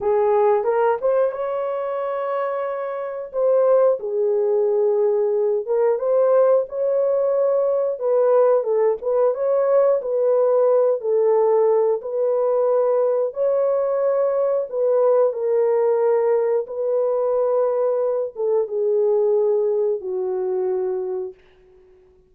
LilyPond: \new Staff \with { instrumentName = "horn" } { \time 4/4 \tempo 4 = 90 gis'4 ais'8 c''8 cis''2~ | cis''4 c''4 gis'2~ | gis'8 ais'8 c''4 cis''2 | b'4 a'8 b'8 cis''4 b'4~ |
b'8 a'4. b'2 | cis''2 b'4 ais'4~ | ais'4 b'2~ b'8 a'8 | gis'2 fis'2 | }